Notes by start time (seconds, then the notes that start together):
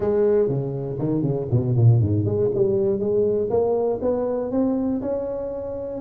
0.00 G#3
0.48 C#3
0.98 D#3
1.22 C#3
1.50 B2
1.75 A#2
2.00 G#2
2.25 G#3
2.54 G3
2.99 G#3
3.50 A#3
4.01 B3
4.51 C4
5.01 C#4